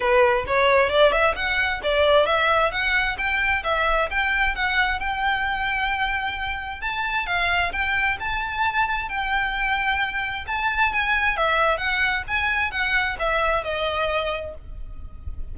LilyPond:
\new Staff \with { instrumentName = "violin" } { \time 4/4 \tempo 4 = 132 b'4 cis''4 d''8 e''8 fis''4 | d''4 e''4 fis''4 g''4 | e''4 g''4 fis''4 g''4~ | g''2. a''4 |
f''4 g''4 a''2 | g''2. a''4 | gis''4 e''4 fis''4 gis''4 | fis''4 e''4 dis''2 | }